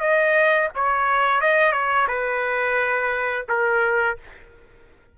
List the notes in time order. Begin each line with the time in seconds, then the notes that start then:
0.00 D#5
0.75 C#5
1.41 D#5
1.72 C#5
2.08 B4
3.48 A#4